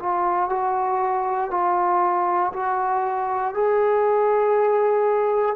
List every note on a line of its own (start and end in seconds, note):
0.00 0.50 F4
0.50 1.51 F#4
1.51 2.53 F4
2.53 3.55 F#4
3.55 5.56 G#4